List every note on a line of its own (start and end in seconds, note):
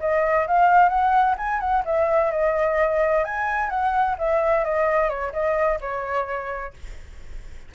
0.00 0.47 D#5
0.47 0.89 F5
0.89 1.35 F#5
1.37 1.60 G#5
1.60 1.83 F#5
1.85 2.31 E5
2.31 3.24 D#5
3.25 3.70 G#5
3.70 4.16 F#5
4.18 4.64 E5
4.64 5.09 D#5
5.09 5.33 C#5
5.33 5.79 D#5
5.81 6.74 C#5